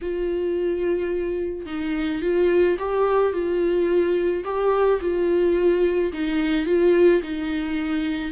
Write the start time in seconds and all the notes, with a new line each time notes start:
0.01 F4
1.66 D#4
2.21 F4
2.79 G4
3.33 F4
4.44 G4
5.01 F4
6.12 D#4
6.66 F4
7.22 D#4